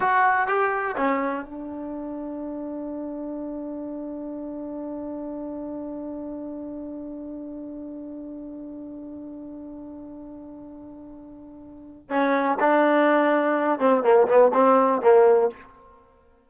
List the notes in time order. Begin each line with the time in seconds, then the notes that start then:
0.00 F#4
0.47 G4
0.97 C#4
1.45 D4
12.09 C#4
12.60 D4
13.79 C4
14.03 A#3
14.27 B3
14.53 C4
15.01 A#3